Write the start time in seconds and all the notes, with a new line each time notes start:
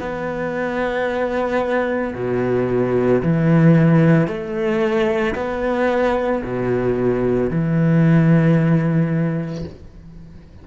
0.00 B3
2.15 B2
3.23 E3
4.28 A3
5.36 B3
6.43 B2
7.50 E3